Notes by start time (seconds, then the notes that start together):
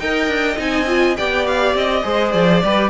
0.00 D#4 A#4 D#5 G5
0.28 D4
0.58 C4 D#4 G#5
0.88 F4
1.17 B3 G4 D5 G5
1.47 F5
1.75 C4 D#5
2.04 G#3 G#4 C5
2.33 F3 D5
2.64 G3 G4 B4